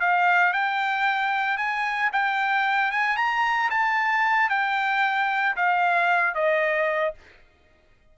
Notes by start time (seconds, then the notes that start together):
0.00 F5
0.53 G5
1.57 G#5
2.12 G5
2.91 G#5
3.16 A#5
3.70 A5
4.49 G5
5.56 F5
6.34 D#5